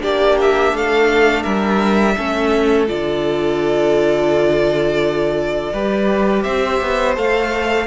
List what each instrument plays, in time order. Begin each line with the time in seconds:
0.00 cello A#3, viola D4, violin G4 D5
0.41 violin E5
0.73 cello A3, violin A4 F5
1.43 cello G3, violin A#4 E5
2.17 cello A3, viola C#4, violin A4
2.87 cello D3, viola F4, violin D5
5.73 cello G3, viola G4, violin B4
6.43 cello C4, violin C5 E5
6.82 cello B3
7.16 cello A3, viola A4, violin F5